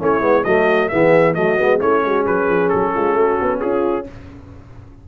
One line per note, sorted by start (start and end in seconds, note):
0.00 0.20 A3
0.00 0.21 C#4
0.00 0.46 E4
0.00 0.44 C#5
0.20 0.43 G#3
0.20 0.43 B3
0.44 0.91 F#3
0.44 0.91 A3
0.44 0.91 F#4
0.44 0.89 D#5
0.89 1.37 E3
0.89 1.35 B3
0.89 1.36 G#4
0.89 1.34 E5
1.35 1.59 F#3
1.35 1.58 A3
1.35 1.81 F#4
1.35 1.80 D#5
1.58 1.82 G#3
1.58 1.79 B3
1.79 2.04 A3
1.79 4.04 C#4
1.79 2.03 E4
1.79 2.26 C#5
2.04 2.26 G#3
2.04 2.25 F#4
2.25 2.49 F#3
2.25 2.93 G#4
2.25 2.69 B4
2.49 2.71 F3
2.69 2.96 F#3
2.69 3.60 A4
2.94 3.15 G#3
2.94 3.15 F4
3.15 3.38 A3
3.15 3.61 F#4
3.42 3.63 B3
3.61 4.08 C#4
3.61 4.07 F4
3.61 4.06 G#4